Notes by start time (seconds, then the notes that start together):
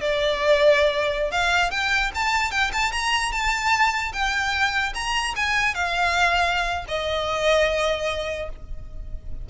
0.00 D5
1.31 F5
1.71 G5
2.14 A5
2.51 G5
2.72 A5
2.92 A#5
3.31 A5
4.12 G5
4.94 A#5
5.36 G#5
5.74 F5
6.88 D#5